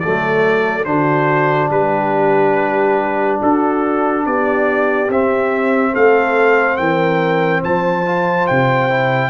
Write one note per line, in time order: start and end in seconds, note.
0.00 0.86 F#3
0.00 0.85 A3
0.00 0.89 A4
0.00 0.85 D5
0.85 1.70 D3
0.85 5.08 D4
0.85 1.71 F#4
0.85 1.69 C5
1.71 3.40 G3
1.71 3.39 G4
1.71 3.40 B4
3.39 4.26 D4
3.39 4.24 F#4
3.39 4.26 A4
4.26 5.09 B3
4.26 5.93 G4
4.26 5.11 D5
5.09 5.93 C4
5.09 8.06 C4
5.09 5.95 E5
5.93 6.79 A3
5.93 6.77 A4
5.93 6.77 F5
6.77 7.63 E3
6.77 7.61 A#4
6.77 7.61 G5
7.61 8.49 F3
7.61 9.30 C5
7.61 8.47 A5
8.06 8.90 F4
8.47 9.30 C3
8.47 9.30 G5
8.90 9.30 E4